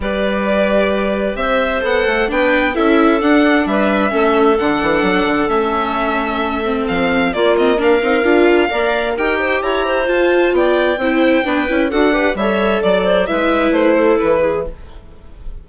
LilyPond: <<
  \new Staff \with { instrumentName = "violin" } { \time 4/4 \tempo 4 = 131 d''2. e''4 | fis''4 g''4 e''4 fis''4 | e''2 fis''2 | e''2. f''4 |
d''8 dis''8 f''2. | g''4 ais''4 a''4 g''4~ | g''2 fis''4 e''4 | d''4 e''4 c''4 b'4 | }
  \new Staff \with { instrumentName = "clarinet" } { \time 4/4 b'2. c''4~ | c''4 b'4 a'2 | b'4 a'2.~ | a'1 |
f'4 ais'2 d''4 | ais'8 c''8 cis''8 c''4. d''4 | c''4 b'4 a'8 b'8 cis''4 | d''8 c''8 b'4. a'4 gis'8 | }
  \new Staff \with { instrumentName = "viola" } { \time 4/4 g'1 | a'4 d'4 e'4 d'4~ | d'4 cis'4 d'2 | cis'2~ cis'8 c'4. |
ais8 c'8 d'8 dis'8 f'4 ais'4 | g'2 f'2 | e'4 d'8 e'8 fis'8 g'8 a'4~ | a'4 e'2. | }
  \new Staff \with { instrumentName = "bassoon" } { \time 4/4 g2. c'4 | b8 a8 b4 cis'4 d'4 | g4 a4 d8 e8 fis8 d8 | a2. f4 |
ais4. c'8 d'4 ais4 | dis'4 e'4 f'4 b4 | c'4 b8 cis'8 d'4 g4 | fis4 gis4 a4 e4 | }
>>